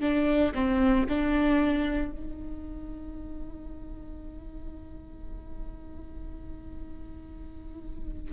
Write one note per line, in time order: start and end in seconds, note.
0.00 0.52 D4
0.55 1.06 C4
1.09 2.12 D4
2.12 8.33 D#4